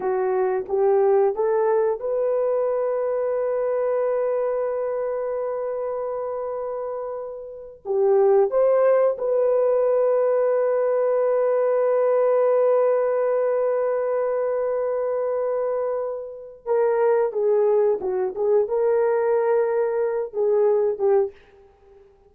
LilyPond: \new Staff \with { instrumentName = "horn" } { \time 4/4 \tempo 4 = 90 fis'4 g'4 a'4 b'4~ | b'1~ | b'2.~ b'8. g'16~ | g'8. c''4 b'2~ b'16~ |
b'1~ | b'1~ | b'4 ais'4 gis'4 fis'8 gis'8 | ais'2~ ais'8 gis'4 g'8 | }